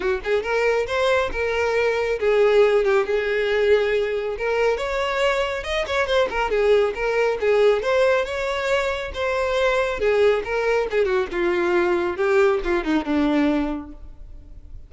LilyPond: \new Staff \with { instrumentName = "violin" } { \time 4/4 \tempo 4 = 138 fis'8 gis'8 ais'4 c''4 ais'4~ | ais'4 gis'4. g'8 gis'4~ | gis'2 ais'4 cis''4~ | cis''4 dis''8 cis''8 c''8 ais'8 gis'4 |
ais'4 gis'4 c''4 cis''4~ | cis''4 c''2 gis'4 | ais'4 gis'8 fis'8 f'2 | g'4 f'8 dis'8 d'2 | }